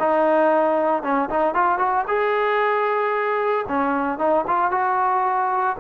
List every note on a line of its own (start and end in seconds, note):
0.00 1.03 D#4
1.03 1.30 C#4
1.30 1.55 D#4
1.55 1.79 F4
1.79 2.05 F#4
2.08 3.66 G#4
3.68 4.19 C#4
4.19 4.45 D#4
4.48 4.72 F4
4.72 5.77 F#4